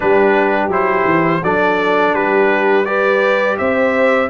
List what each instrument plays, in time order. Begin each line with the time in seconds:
0.00 tuba G3, trombone D4, horn G4, trumpet B4
0.68 tuba F#3, trombone E4, trumpet C5
1.05 tuba E3
1.43 tuba F#3, trombone D4, horn A4, trumpet D5
2.13 tuba G3, horn G4, trumpet B4
2.85 trombone G4, horn B4, trumpet D5
3.58 tuba C4, horn C5, trumpet E5